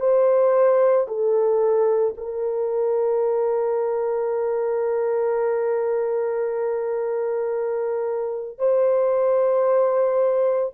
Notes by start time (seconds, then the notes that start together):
0.00 C5
1.08 A4
2.17 A#4
8.59 C5